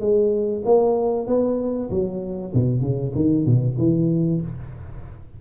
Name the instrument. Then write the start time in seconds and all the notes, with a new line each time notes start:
tuba
0.00 G#3
0.65 A#3
1.27 B3
1.90 F#3
2.53 B2
2.81 C#3
3.15 D#3
3.45 B2
3.78 E3